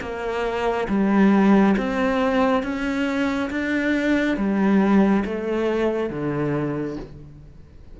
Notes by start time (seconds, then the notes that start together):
0.00 A#3
0.88 G3
1.77 C4
2.63 C#4
3.50 D4
4.37 G3
5.25 A3
6.09 D3